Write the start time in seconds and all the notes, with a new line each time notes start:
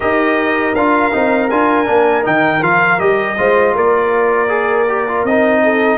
0.00 D#4 G4 A#4 D#5
0.74 D4 F4 F5
1.12 C4 D#4
1.50 D4 F4 G#5
1.85 A#3 D4
2.22 D#3 D#4 G5
2.62 F3 F4 F5
2.99 G3 G4 D#5
3.38 G#3 F4 C5
3.74 A#3 A#4 D5
4.48 G#4
4.88 G4
5.07 F4
5.24 C4 D#4 D#5
5.63 A4